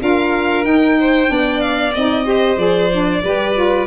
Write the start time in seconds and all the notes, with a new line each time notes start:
0.00 D4 F4 A#4 F5
0.63 D#4 G5
0.99 C5
1.27 B3 D4 D5
1.60 F5
1.94 C4 D#4 D#5
2.25 G4 C5
2.57 F3 G#4 D5
2.92 D4
3.24 G3 G4 B4
3.55 F4